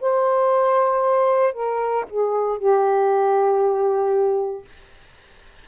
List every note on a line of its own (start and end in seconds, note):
0.00 1.53 C5
1.53 2.05 A#4
2.09 2.58 G#4
2.58 4.65 G4